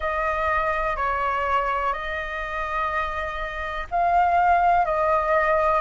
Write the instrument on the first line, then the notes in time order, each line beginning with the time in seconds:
flute
0.00 D#5
0.96 C#5
1.93 D#5
3.91 F5
4.85 D#5